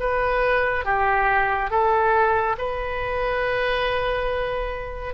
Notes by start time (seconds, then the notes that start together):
0.00 B4
0.85 G4
1.71 A4
2.58 B4